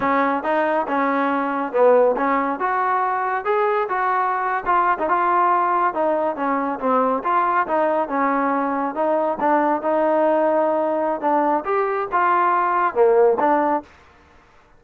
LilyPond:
\new Staff \with { instrumentName = "trombone" } { \time 4/4 \tempo 4 = 139 cis'4 dis'4 cis'2 | b4 cis'4 fis'2 | gis'4 fis'4.~ fis'16 f'8. dis'16 f'16~ | f'4.~ f'16 dis'4 cis'4 c'16~ |
c'8. f'4 dis'4 cis'4~ cis'16~ | cis'8. dis'4 d'4 dis'4~ dis'16~ | dis'2 d'4 g'4 | f'2 ais4 d'4 | }